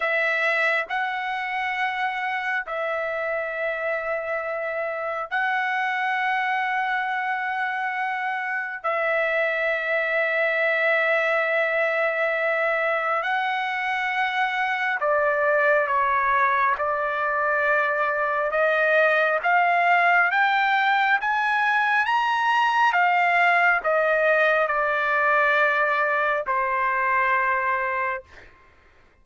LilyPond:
\new Staff \with { instrumentName = "trumpet" } { \time 4/4 \tempo 4 = 68 e''4 fis''2 e''4~ | e''2 fis''2~ | fis''2 e''2~ | e''2. fis''4~ |
fis''4 d''4 cis''4 d''4~ | d''4 dis''4 f''4 g''4 | gis''4 ais''4 f''4 dis''4 | d''2 c''2 | }